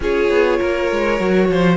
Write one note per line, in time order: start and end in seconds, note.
0.00 0.29 C#4
0.00 1.18 F4
0.00 0.59 G#4
0.00 1.76 C#5
0.29 0.59 B3
0.59 0.91 A#3
0.59 1.48 A#4
0.91 1.19 G#3
1.18 1.49 F#3
1.18 1.76 F#4
1.49 1.76 F3
1.49 1.76 C5